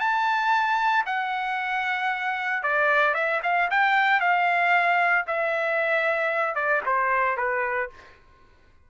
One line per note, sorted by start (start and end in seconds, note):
0.00 1.05 A5
1.06 2.63 F#5
2.63 3.15 D5
3.15 3.41 E5
3.43 3.70 F5
3.71 4.20 G5
4.20 5.26 F5
5.27 6.55 E5
6.55 6.82 D5
6.86 7.37 C5
7.37 7.90 B4